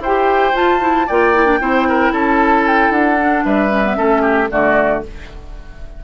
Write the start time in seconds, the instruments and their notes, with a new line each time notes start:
0.00 bassoon E4, oboe C5, flute G5
0.06 clarinet G4
0.54 clarinet F4, bassoon F4, flute A5
0.80 clarinet E4
1.07 bassoon A#3, clarinet F4, oboe D5, flute G5
1.34 clarinet E4
1.45 clarinet D4
1.61 bassoon C4, clarinet E4, oboe C5
1.89 oboe A#4
2.12 bassoon C#4, oboe A4, flute A5
2.68 flute G5
2.90 bassoon D4, flute F#5
3.18 clarinet D4
3.45 bassoon G3, oboe B4, flute E5
3.70 clarinet C#4
3.84 clarinet B3
3.95 bassoon A3, clarinet C#4, oboe A4
4.22 oboe G4
4.50 bassoon D3, clarinet A3, oboe F#4, flute D5